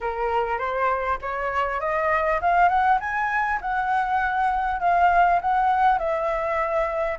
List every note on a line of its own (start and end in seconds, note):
0.00 0.58 A#4
0.58 1.18 C5
1.21 1.80 C#5
1.80 2.40 D#5
2.41 2.68 F5
2.68 2.98 F#5
3.00 3.60 G#5
3.61 4.80 F#5
4.80 5.40 F5
5.41 5.98 F#5
5.98 7.18 E5